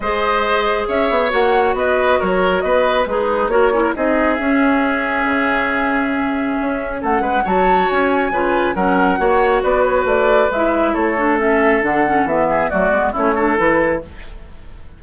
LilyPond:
<<
  \new Staff \with { instrumentName = "flute" } { \time 4/4 \tempo 4 = 137 dis''2 e''4 fis''4 | dis''4 cis''4 dis''4 b'4 | cis''4 dis''4 e''2~ | e''1 |
fis''4 a''4 gis''2 | fis''2 d''8 cis''8 d''4 | e''4 cis''4 e''4 fis''4 | e''4 d''4 cis''4 b'4 | }
  \new Staff \with { instrumentName = "oboe" } { \time 4/4 c''2 cis''2 | b'4 ais'4 b'4 dis'4 | ais'8 cis'16 ais'16 gis'2.~ | gis'1 |
a'8 b'8 cis''2 b'4 | ais'4 cis''4 b'2~ | b'4 a'2.~ | a'8 gis'8 fis'4 e'8 a'4. | }
  \new Staff \with { instrumentName = "clarinet" } { \time 4/4 gis'2. fis'4~ | fis'2. gis'4 | fis'8 e'8 dis'4 cis'2~ | cis'1~ |
cis'4 fis'2 f'4 | cis'4 fis'2. | e'4. d'8 cis'4 d'8 cis'8 | b4 a8 b8 cis'8 d'8 e'4 | }
  \new Staff \with { instrumentName = "bassoon" } { \time 4/4 gis2 cis'8 b8 ais4 | b4 fis4 b4 gis4 | ais4 c'4 cis'2 | cis2. cis'4 |
a8 gis8 fis4 cis'4 cis4 | fis4 ais4 b4 a4 | gis4 a2 d4 | e4 fis8 gis8 a4 e4 | }
>>